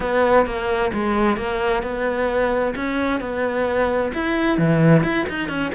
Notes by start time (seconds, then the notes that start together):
0.00 B3
0.46 A#3
0.93 G#3
1.36 A#3
1.82 B3
2.75 C#4
3.20 B3
4.13 E4
4.58 E3
5.03 E4
5.29 D#4
5.48 C#4